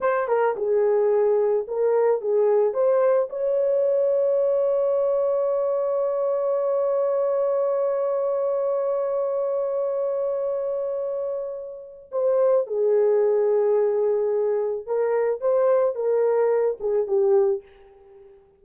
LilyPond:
\new Staff \with { instrumentName = "horn" } { \time 4/4 \tempo 4 = 109 c''8 ais'8 gis'2 ais'4 | gis'4 c''4 cis''2~ | cis''1~ | cis''1~ |
cis''1~ | cis''2 c''4 gis'4~ | gis'2. ais'4 | c''4 ais'4. gis'8 g'4 | }